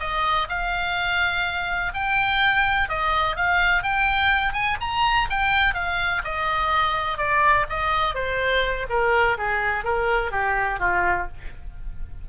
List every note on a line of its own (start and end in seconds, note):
0.00 0.48 D#5
0.49 1.93 F5
1.94 2.89 G5
2.89 3.37 D#5
3.37 3.83 F5
3.83 4.54 G5
4.54 4.78 G#5
4.81 5.29 A#5
5.30 5.74 G5
5.74 6.22 F5
6.24 7.18 D#5
7.18 7.66 D5
7.70 8.15 D#5
8.15 8.87 C5
8.90 9.38 A#4
9.38 9.85 G#4
9.85 10.32 A#4
10.32 10.80 G4
10.80 11.28 F4